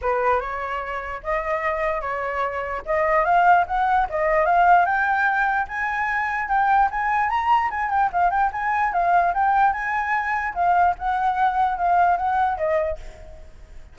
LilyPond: \new Staff \with { instrumentName = "flute" } { \time 4/4 \tempo 4 = 148 b'4 cis''2 dis''4~ | dis''4 cis''2 dis''4 | f''4 fis''4 dis''4 f''4 | g''2 gis''2 |
g''4 gis''4 ais''4 gis''8 g''8 | f''8 g''8 gis''4 f''4 g''4 | gis''2 f''4 fis''4~ | fis''4 f''4 fis''4 dis''4 | }